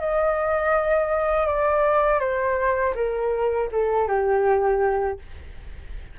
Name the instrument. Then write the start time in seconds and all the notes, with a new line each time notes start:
flute
0.00 D#5
1.47 D5
2.20 C5
2.95 A#4
3.72 A4
4.08 G4